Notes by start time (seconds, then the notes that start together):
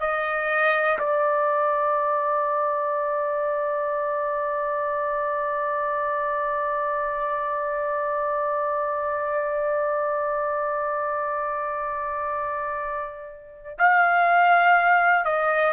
0.00 D#5
0.99 D5
13.79 F5
15.25 D#5